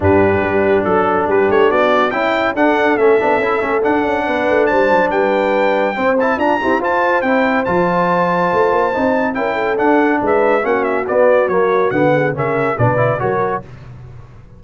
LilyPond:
<<
  \new Staff \with { instrumentName = "trumpet" } { \time 4/4 \tempo 4 = 141 b'2 a'4 b'8 cis''8 | d''4 g''4 fis''4 e''4~ | e''4 fis''2 a''4 | g''2~ g''8 a''8 ais''4 |
a''4 g''4 a''2~ | a''2 g''4 fis''4 | e''4 fis''8 e''8 d''4 cis''4 | fis''4 e''4 d''4 cis''4 | }
  \new Staff \with { instrumentName = "horn" } { \time 4/4 g'2 a'4 g'4 | fis'4 e'4 a'2~ | a'2 b'4 c''4 | b'2 c''4 f'8 g'8 |
c''1~ | c''2 ais'8 a'4. | b'4 fis'2.~ | fis'8 gis'8 ais'4 b'4 ais'4 | }
  \new Staff \with { instrumentName = "trombone" } { \time 4/4 d'1~ | d'4 e'4 d'4 cis'8 d'8 | e'8 cis'8 d'2.~ | d'2 c'8 e'8 d'8 c'8 |
f'4 e'4 f'2~ | f'4 dis'4 e'4 d'4~ | d'4 cis'4 b4 ais4 | b4 cis'4 d'8 e'8 fis'4 | }
  \new Staff \with { instrumentName = "tuba" } { \time 4/4 g,4 g4 fis4 g8 a8 | b4 cis'4 d'4 a8 b8 | cis'8 a8 d'8 cis'8 b8 a8 g8 fis8 | g2 c'4 d'8 e'8 |
f'4 c'4 f2 | a8 ais8 c'4 cis'4 d'4 | gis4 ais4 b4 fis4 | d4 cis4 b,4 fis4 | }
>>